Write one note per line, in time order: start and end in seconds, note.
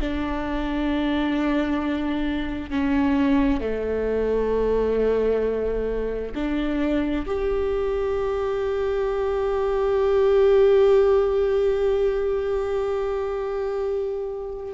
0.00 2.70 D4
2.70 3.60 C#4
3.60 6.33 A3
6.34 7.25 D4
7.26 14.74 G4